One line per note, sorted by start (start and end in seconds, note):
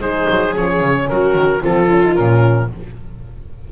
0.00 0.27 G#3
0.00 0.53 D#4
0.00 1.07 G#4
0.00 0.55 C5
0.30 0.56 F#3
0.53 0.81 F3
0.53 1.60 C#4
0.53 1.09 C#5
0.81 1.08 C#3
1.09 1.35 F#3
1.09 1.62 F#4
1.09 1.63 A#4
1.35 1.62 D#3
1.61 2.18 F3
1.61 1.88 C4
1.61 2.69 F4
1.61 2.15 A4
1.90 2.03 C#4
2.04 2.15 D#4
2.15 2.72 A#2
2.15 2.69 C#4
2.15 2.69 A#4